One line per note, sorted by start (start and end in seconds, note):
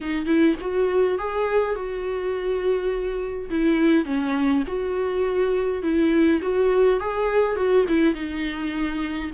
0.00 0.26 D#4
0.26 0.55 E4
0.60 1.18 F#4
1.18 1.75 G#4
1.75 3.50 F#4
3.50 4.05 E4
4.05 4.63 C#4
4.67 5.82 F#4
5.82 6.41 E4
6.41 7.00 F#4
7.00 7.56 G#4
7.56 7.85 F#4
7.88 8.14 E4
8.14 9.30 D#4